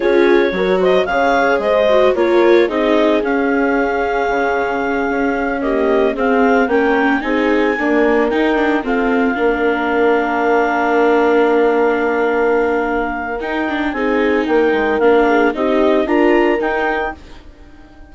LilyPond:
<<
  \new Staff \with { instrumentName = "clarinet" } { \time 4/4 \tempo 4 = 112 cis''4. dis''8 f''4 dis''4 | cis''4 dis''4 f''2~ | f''2~ f''8 dis''4 f''8~ | f''8 g''4 gis''2 g''8~ |
g''8 f''2.~ f''8~ | f''1~ | f''4 g''4 gis''4 g''4 | f''4 dis''4 ais''4 g''4 | }
  \new Staff \with { instrumentName = "horn" } { \time 4/4 gis'4 ais'8 c''8 cis''4 c''4 | ais'4 gis'2.~ | gis'2~ gis'8 g'4 gis'8~ | gis'8 ais'4 gis'4 ais'4.~ |
ais'8 a'4 ais'2~ ais'8~ | ais'1~ | ais'2 gis'4 ais'4~ | ais'8 gis'8 g'4 ais'2 | }
  \new Staff \with { instrumentName = "viola" } { \time 4/4 f'4 fis'4 gis'4. fis'8 | f'4 dis'4 cis'2~ | cis'2~ cis'8 ais4 c'8~ | c'8 cis'4 dis'4 ais4 dis'8 |
d'8 c'4 d'2~ d'8~ | d'1~ | d'4 dis'8 d'8 dis'2 | d'4 dis'4 f'4 dis'4 | }
  \new Staff \with { instrumentName = "bassoon" } { \time 4/4 cis'4 fis4 cis4 gis4 | ais4 c'4 cis'2 | cis4. cis'2 c'8~ | c'8 ais4 c'4 d'4 dis'8~ |
dis'8 f'4 ais2~ ais8~ | ais1~ | ais4 dis'4 c'4 ais8 gis8 | ais4 c'4 d'4 dis'4 | }
>>